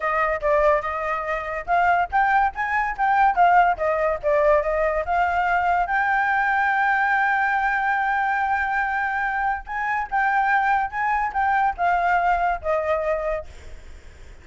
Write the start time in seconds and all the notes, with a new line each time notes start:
0.00 D#5
0.41 D5
0.81 D#5
1.66 F5
2.11 G5
2.54 G#5
2.97 G5
3.35 F5
3.77 D#5
4.23 D5
4.62 D#5
5.05 F5
5.86 G5
9.66 G#5
10.10 G5
10.90 G#5
11.33 G5
11.77 F5
12.61 D#5